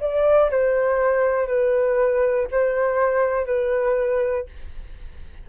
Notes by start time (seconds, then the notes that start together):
0.00 D5
0.51 C5
1.47 B4
2.51 C5
3.46 B4